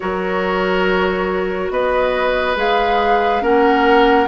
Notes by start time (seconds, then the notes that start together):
0.00 F#3 F#4 A#4 C#5
1.69 B3 B4 D#5
2.56 G#3 G#4 F5
3.41 A#3 C#4 A#4 F#5